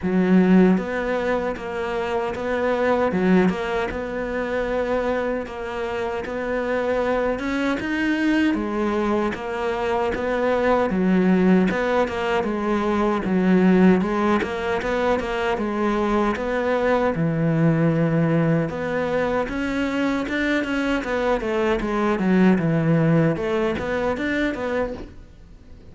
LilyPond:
\new Staff \with { instrumentName = "cello" } { \time 4/4 \tempo 4 = 77 fis4 b4 ais4 b4 | fis8 ais8 b2 ais4 | b4. cis'8 dis'4 gis4 | ais4 b4 fis4 b8 ais8 |
gis4 fis4 gis8 ais8 b8 ais8 | gis4 b4 e2 | b4 cis'4 d'8 cis'8 b8 a8 | gis8 fis8 e4 a8 b8 d'8 b8 | }